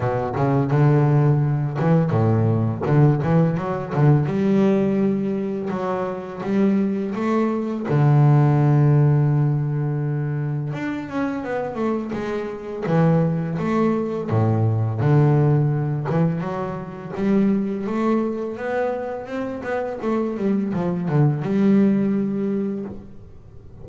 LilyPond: \new Staff \with { instrumentName = "double bass" } { \time 4/4 \tempo 4 = 84 b,8 cis8 d4. e8 a,4 | d8 e8 fis8 d8 g2 | fis4 g4 a4 d4~ | d2. d'8 cis'8 |
b8 a8 gis4 e4 a4 | a,4 d4. e8 fis4 | g4 a4 b4 c'8 b8 | a8 g8 f8 d8 g2 | }